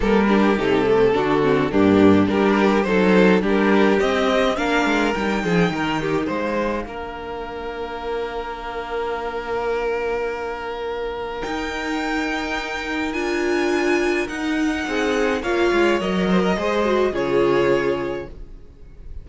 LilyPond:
<<
  \new Staff \with { instrumentName = "violin" } { \time 4/4 \tempo 4 = 105 ais'4 a'2 g'4 | ais'4 c''4 ais'4 dis''4 | f''4 g''2 f''4~ | f''1~ |
f''1 | g''2. gis''4~ | gis''4 fis''2 f''4 | dis''2 cis''2 | }
  \new Staff \with { instrumentName = "violin" } { \time 4/4 a'8 g'4. fis'4 d'4 | g'4 a'4 g'2 | ais'4. gis'8 ais'8 g'8 c''4 | ais'1~ |
ais'1~ | ais'1~ | ais'2 gis'4 cis''4~ | cis''8 c''16 ais'16 c''4 gis'2 | }
  \new Staff \with { instrumentName = "viola" } { \time 4/4 ais8 d'8 dis'8 a8 d'8 c'8 ais4 | d'4 dis'4 d'4 c'4 | d'4 dis'2. | d'1~ |
d'1 | dis'2. f'4~ | f'4 dis'2 f'4 | ais'4 gis'8 fis'8 f'2 | }
  \new Staff \with { instrumentName = "cello" } { \time 4/4 g4 c4 d4 g,4 | g4 fis4 g4 c'4 | ais8 gis8 g8 f8 dis4 gis4 | ais1~ |
ais1 | dis'2. d'4~ | d'4 dis'4 c'4 ais8 gis8 | fis4 gis4 cis2 | }
>>